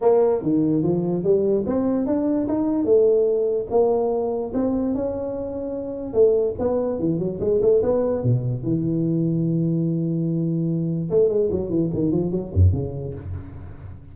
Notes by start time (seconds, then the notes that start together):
0.01 A#3
0.42 D#3
0.83 F3
1.23 G3
1.66 C4
2.06 D4
2.48 D#4
2.84 A3
3.70 A#3
4.53 C4
4.94 C#4
6.13 A3
6.59 B3
6.99 E3
7.19 F#3
7.40 G#3
7.61 A3
7.82 B3
8.23 B2
8.63 E3
11.10 A3
11.28 G#3
11.51 F#3
11.69 E3
11.93 D#3
12.11 F3
12.31 F#3
12.54 F#2
12.72 C#3